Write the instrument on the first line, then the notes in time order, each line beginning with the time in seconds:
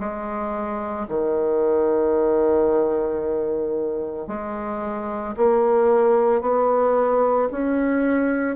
bassoon
0.00 G#3
1.09 D#3
4.28 G#3
5.37 A#3
6.41 B3
7.52 C#4